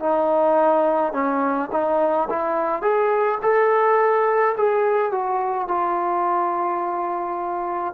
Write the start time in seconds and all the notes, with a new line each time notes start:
0.00 D#4
1.13 C#4
1.72 D#4
2.30 E4
2.82 G#4
3.43 A4
4.57 G#4
5.12 F#4
5.69 F4